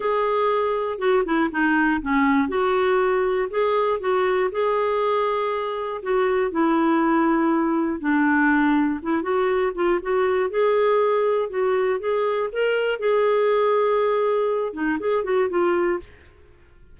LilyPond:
\new Staff \with { instrumentName = "clarinet" } { \time 4/4 \tempo 4 = 120 gis'2 fis'8 e'8 dis'4 | cis'4 fis'2 gis'4 | fis'4 gis'2. | fis'4 e'2. |
d'2 e'8 fis'4 f'8 | fis'4 gis'2 fis'4 | gis'4 ais'4 gis'2~ | gis'4. dis'8 gis'8 fis'8 f'4 | }